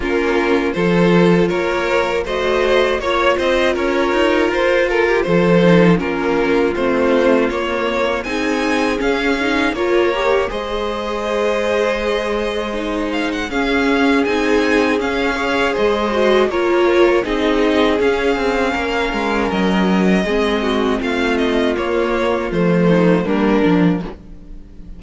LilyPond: <<
  \new Staff \with { instrumentName = "violin" } { \time 4/4 \tempo 4 = 80 ais'4 c''4 cis''4 dis''4 | cis''8 dis''8 cis''4 c''8 ais'8 c''4 | ais'4 c''4 cis''4 gis''4 | f''4 cis''4 dis''2~ |
dis''4. f''16 fis''16 f''4 gis''4 | f''4 dis''4 cis''4 dis''4 | f''2 dis''2 | f''8 dis''8 cis''4 c''4 ais'4 | }
  \new Staff \with { instrumentName = "violin" } { \time 4/4 f'4 a'4 ais'4 c''4 | cis''8 c''8 ais'4. a'16 g'16 a'4 | f'2. gis'4~ | gis'4 ais'4 c''2~ |
c''2 gis'2~ | gis'8 cis''8 c''4 ais'4 gis'4~ | gis'4 ais'2 gis'8 fis'8 | f'2~ f'8 dis'8 d'4 | }
  \new Staff \with { instrumentName = "viola" } { \time 4/4 cis'4 f'2 fis'4 | f'2.~ f'8 dis'8 | cis'4 c'4 ais4 dis'4 | cis'8 dis'8 f'8 g'8 gis'2~ |
gis'4 dis'4 cis'4 dis'4 | cis'8 gis'4 fis'8 f'4 dis'4 | cis'2. c'4~ | c'4 ais4 a4 ais8 d'8 | }
  \new Staff \with { instrumentName = "cello" } { \time 4/4 ais4 f4 ais4 a4 | ais8 c'8 cis'8 dis'8 f'4 f4 | ais4 a4 ais4 c'4 | cis'4 ais4 gis2~ |
gis2 cis'4 c'4 | cis'4 gis4 ais4 c'4 | cis'8 c'8 ais8 gis8 fis4 gis4 | a4 ais4 f4 g8 f8 | }
>>